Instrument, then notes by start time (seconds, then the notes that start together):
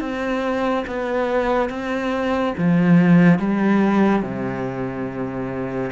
cello
0.00 C4
0.87 B3
1.70 C4
2.58 F3
3.39 G3
4.22 C3